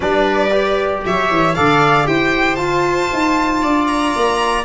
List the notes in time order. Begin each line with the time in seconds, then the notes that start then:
0.00 G3 D4 B4 D5
0.51 G4
1.05 F#3 C#5 E5
1.30 E3
1.55 D3 A4 D5 F5
2.05 E4 G4 C5 G5
2.55 F4 A5
3.12 D#4
3.61 D4 D5
3.87 A#5
4.15 A#3